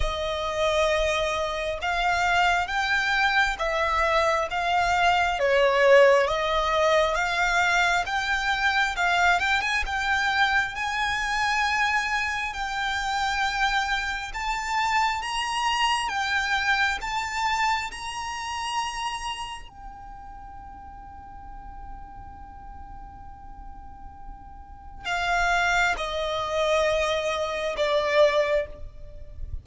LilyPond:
\new Staff \with { instrumentName = "violin" } { \time 4/4 \tempo 4 = 67 dis''2 f''4 g''4 | e''4 f''4 cis''4 dis''4 | f''4 g''4 f''8 g''16 gis''16 g''4 | gis''2 g''2 |
a''4 ais''4 g''4 a''4 | ais''2 g''2~ | g''1 | f''4 dis''2 d''4 | }